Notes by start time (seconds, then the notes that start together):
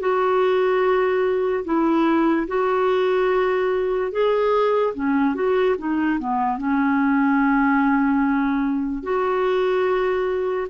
0.00 F#4
1.65 E4
2.48 F#4
4.12 G#4
4.94 C#4
5.35 F#4
5.78 D#4
6.19 B3
6.58 C#4
9.03 F#4